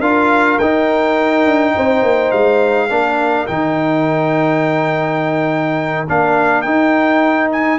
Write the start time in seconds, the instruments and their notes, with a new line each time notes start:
0.00 tuba D4, trombone F4, horn A#4, trumpet F5
0.59 tuba D#4, trombone D#4, trumpet G5
1.45 tuba D4
1.75 tuba C4, horn C5
2.02 tuba A#3
2.31 tuba G#3, trumpet F5
2.89 tuba A#3, trombone D4, horn A#4
3.47 tuba D#3, trombone D#4, trumpet G5
6.08 tuba A#3, trombone D4, trumpet F5
6.62 tuba D#4, trombone D#4, trumpet G5
7.52 trumpet G#5